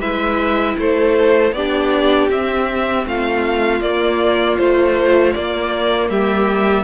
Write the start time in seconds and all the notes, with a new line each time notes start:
0.00 G#3 E4 B4 E5
0.77 A3 A4 C5
1.52 B3 D4 G4 D5
2.29 C4 E5
3.06 A3 F4 F5
3.80 A#3 D5
4.58 F3 A3 C5
5.33 A#3 D5
6.09 G3 G4 E5